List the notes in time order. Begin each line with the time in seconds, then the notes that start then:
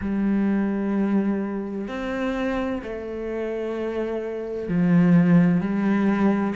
0.01 G3
1.87 C4
2.82 A3
4.68 F3
5.60 G3